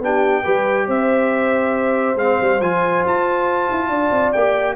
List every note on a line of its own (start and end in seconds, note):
0.00 0.43 B3
0.00 0.44 D4
0.00 0.43 G4
0.00 0.90 G5
0.43 0.88 G3
0.43 2.16 G4
0.43 0.86 B4
0.87 2.15 C4
0.87 3.89 C5
0.87 2.18 E5
2.15 2.37 G#3
2.15 2.60 C4
2.15 2.61 F5
2.41 2.60 G3
2.60 3.03 F3
2.60 4.35 F4
2.60 3.04 G#5
3.05 3.69 F4
3.05 4.32 A5
3.71 3.89 E4
3.89 4.11 D4
3.89 4.76 D5
4.11 4.32 C4
4.32 4.76 A#3
4.32 4.76 G4
4.32 4.75 G5